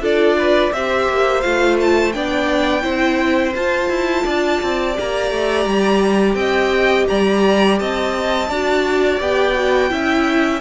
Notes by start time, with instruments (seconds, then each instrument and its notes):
0.00 cello D4, viola F4, violin A4 D5
0.38 violin B4
0.72 cello C4, viola G4, violin C5 E5
1.09 cello A#3
1.41 cello A3, viola F4, violin F5
1.80 violin A5
2.12 cello B3, viola D4, violin D5 G5
2.81 cello C4, viola E4, violin C5
3.55 cello F4, viola F4, violin A5
3.89 cello E4
4.24 cello D4, violin D5
4.62 cello C4
4.93 cello A#3, viola G4, violin A#5
5.30 cello A3
5.65 cello G3
6.34 cello C4, violin D#5 G5
7.07 cello G3, violin D5 A#5
7.78 cello C4, violin D#5 A5
8.48 cello D4, viola F#4, violin D5
9.19 cello B3, viola G4, violin G5
9.55 viola F#4
9.89 cello C#4, viola E4, violin E5